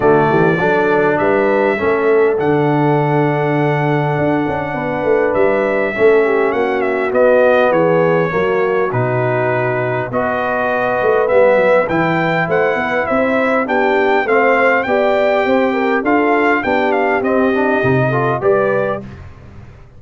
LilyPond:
<<
  \new Staff \with { instrumentName = "trumpet" } { \time 4/4 \tempo 4 = 101 d''2 e''2 | fis''1~ | fis''4 e''2 fis''8 e''8 | dis''4 cis''2 b'4~ |
b'4 dis''2 e''4 | g''4 fis''4 e''4 g''4 | f''4 g''2 f''4 | g''8 f''8 dis''2 d''4 | }
  \new Staff \with { instrumentName = "horn" } { \time 4/4 fis'8 g'8 a'4 b'4 a'4~ | a'1 | b'2 a'8 g'8 fis'4~ | fis'4 gis'4 fis'2~ |
fis'4 b'2.~ | b'4 c''8 b'8 c''4 g'4 | c''4 d''4 c''8 ais'8 a'4 | g'2~ g'8 a'8 b'4 | }
  \new Staff \with { instrumentName = "trombone" } { \time 4/4 a4 d'2 cis'4 | d'1~ | d'2 cis'2 | b2 ais4 dis'4~ |
dis'4 fis'2 b4 | e'2. d'4 | c'4 g'2 f'4 | d'4 c'8 d'8 dis'8 f'8 g'4 | }
  \new Staff \with { instrumentName = "tuba" } { \time 4/4 d8 e8 fis4 g4 a4 | d2. d'8 cis'8 | b8 a8 g4 a4 ais4 | b4 e4 fis4 b,4~ |
b,4 b4. a8 g8 fis8 | e4 a8 b8 c'4 b4 | a4 b4 c'4 d'4 | b4 c'4 c4 g4 | }
>>